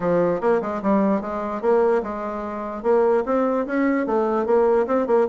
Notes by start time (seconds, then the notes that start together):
0.00 F3
0.40 A#3
0.61 G#3
0.82 G3
1.21 G#3
1.61 A#3
2.02 G#3
2.82 A#3
3.25 C4
3.66 C#4
4.06 A3
4.45 A#3
4.86 C4
5.07 A#3